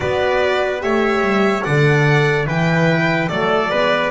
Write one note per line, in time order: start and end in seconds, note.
0.00 0.83 B3
0.00 0.80 F#4
0.00 0.83 B4
0.00 0.80 D5
0.80 1.20 A3
0.80 1.62 G4
0.80 1.64 C#5
0.80 1.63 E5
1.20 1.61 G3
1.63 2.46 D3
1.63 2.46 A4
1.63 2.46 D5
1.63 2.45 F#5
2.46 3.28 E3
2.46 3.28 E4
2.46 3.28 B4
2.46 3.28 G5
3.28 3.69 F#3
3.28 3.69 A3
3.28 3.70 A4
3.28 4.10 D5
3.69 4.10 G#3
3.69 4.10 B3
3.69 4.10 B4